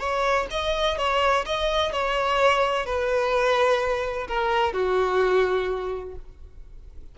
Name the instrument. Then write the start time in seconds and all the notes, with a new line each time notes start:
violin
0.00 C#5
0.51 D#5
0.98 C#5
1.46 D#5
1.93 C#5
2.86 B4
4.28 A#4
4.74 F#4